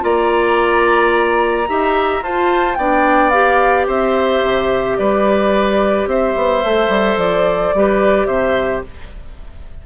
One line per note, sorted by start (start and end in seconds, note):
0.00 1.69 A#3
0.00 1.65 F4
0.00 1.69 D5
0.00 2.23 A#5
1.68 2.22 D#4
1.68 2.22 G4
1.68 2.24 E5
2.22 2.77 F4
2.22 2.78 F4
2.22 2.78 C5
2.22 2.75 A5
2.75 3.88 B3
2.75 3.32 D4
2.75 3.87 D5
2.75 3.30 G5
3.30 6.63 G4
3.30 3.85 F5
3.87 4.43 C4
3.87 4.97 C5
3.87 4.97 E5
4.43 4.98 C3
4.97 6.07 G3
4.97 6.09 B4
4.97 6.07 D5
6.07 6.34 C4
6.07 7.75 C5
6.07 7.18 E5
6.36 6.64 B3
6.64 6.89 A3
6.64 7.76 A4
6.89 7.16 G3
7.17 7.72 F3
7.17 8.27 D5
7.74 8.27 G3
7.74 8.86 G4
7.74 8.28 B4
8.27 8.82 C3
8.27 8.83 C5
8.27 8.82 E5